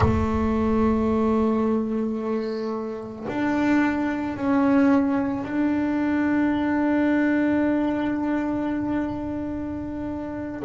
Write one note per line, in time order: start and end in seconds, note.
0.00 3.26 A3
3.28 4.36 D4
4.36 5.44 C#4
5.44 10.62 D4